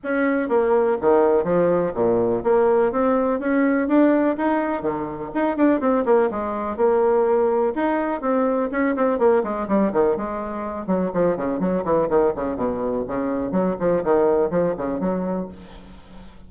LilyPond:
\new Staff \with { instrumentName = "bassoon" } { \time 4/4 \tempo 4 = 124 cis'4 ais4 dis4 f4 | ais,4 ais4 c'4 cis'4 | d'4 dis'4 dis4 dis'8 d'8 | c'8 ais8 gis4 ais2 |
dis'4 c'4 cis'8 c'8 ais8 gis8 | g8 dis8 gis4. fis8 f8 cis8 | fis8 e8 dis8 cis8 b,4 cis4 | fis8 f8 dis4 f8 cis8 fis4 | }